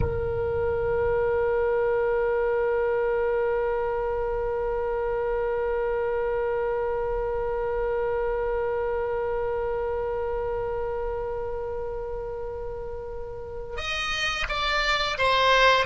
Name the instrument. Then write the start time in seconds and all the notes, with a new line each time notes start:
oboe
0.00 A#4
13.76 D#5
14.48 D5
15.18 C5